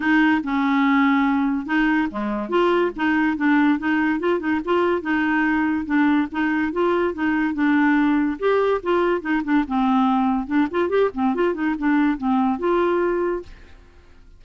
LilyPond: \new Staff \with { instrumentName = "clarinet" } { \time 4/4 \tempo 4 = 143 dis'4 cis'2. | dis'4 gis4 f'4 dis'4 | d'4 dis'4 f'8 dis'8 f'4 | dis'2 d'4 dis'4 |
f'4 dis'4 d'2 | g'4 f'4 dis'8 d'8 c'4~ | c'4 d'8 f'8 g'8 c'8 f'8 dis'8 | d'4 c'4 f'2 | }